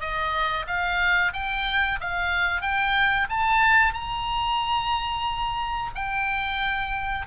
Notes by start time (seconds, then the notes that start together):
0.00 D#5
0.67 F5
1.33 G5
2.00 F5
2.61 G5
3.29 A5
3.94 A#5
5.95 G5